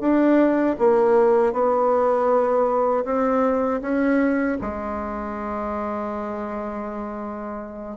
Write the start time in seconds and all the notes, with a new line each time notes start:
0.00 D4
0.79 A#3
1.53 B3
3.05 C4
3.81 C#4
4.61 G#3